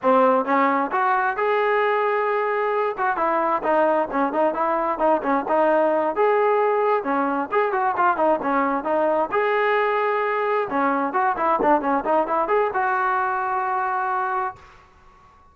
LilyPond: \new Staff \with { instrumentName = "trombone" } { \time 4/4 \tempo 4 = 132 c'4 cis'4 fis'4 gis'4~ | gis'2~ gis'8 fis'8 e'4 | dis'4 cis'8 dis'8 e'4 dis'8 cis'8 | dis'4. gis'2 cis'8~ |
cis'8 gis'8 fis'8 f'8 dis'8 cis'4 dis'8~ | dis'8 gis'2. cis'8~ | cis'8 fis'8 e'8 d'8 cis'8 dis'8 e'8 gis'8 | fis'1 | }